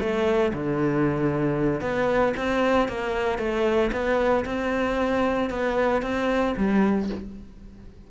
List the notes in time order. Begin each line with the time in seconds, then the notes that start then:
0.00 A3
0.54 D3
1.81 B3
2.37 C4
2.89 A#3
3.39 A3
3.92 B3
4.45 C4
5.50 B3
6.02 C4
6.57 G3